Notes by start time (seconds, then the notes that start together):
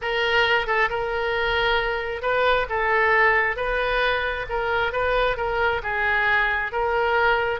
0.01 A#4
0.67 A4
0.89 A#4
2.22 B4
2.69 A4
3.56 B4
4.49 A#4
4.92 B4
5.36 A#4
5.82 G#4
6.72 A#4